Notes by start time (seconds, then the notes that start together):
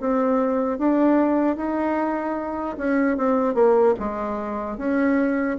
0.00 C4
0.79 D4
1.56 D#4
2.78 C#4
3.17 C4
3.55 A#3
4.00 G#3
4.77 C#4